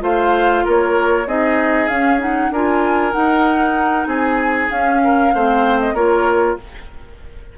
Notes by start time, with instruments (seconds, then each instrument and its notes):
0.00 bassoon A3, clarinet F4, oboe C5, flute F5
0.65 bassoon A#3, oboe A#4, flute C#5
1.26 bassoon C4, clarinet D#4, oboe G#4, flute D#5
1.88 bassoon C#4, clarinet C#4, flute F5
2.20 clarinet D#4, flute F#5
2.51 bassoon D4, clarinet F4, oboe A#4, flute G#5
3.12 clarinet D#4, bassoon D#4, flute F#5
4.07 bassoon C4, oboe G#4, flute G#5
4.71 bassoon C#4, clarinet C#4, flute F5
5.04 oboe A#4
5.34 bassoon A3, clarinet C4, oboe C5
5.80 flute D#5
5.93 bassoon A#3, clarinet F4, oboe A#4, flute C#5